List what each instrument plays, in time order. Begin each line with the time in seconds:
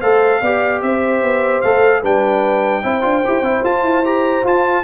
0.00 tuba A3, trombone A4, horn C5, trumpet F5
0.42 tuba B3, trombone G4, horn D5
0.82 tuba C4, horn C5, trumpet E5
1.22 tuba B3
1.61 tuba A3, trombone A4, trumpet F5
2.02 tuba G3, trombone D4, horn B4, trumpet G5
2.83 tuba C4, trombone E4, horn C5
3.02 tuba D4, trombone F4
3.25 tuba E4, trombone G4
3.41 tuba C4, trombone E4
3.64 trombone F4, tuba F4, trumpet A5
3.82 tuba E4
4.05 trombone G4, trumpet A#5
4.44 tuba F4, trombone F4, trumpet A5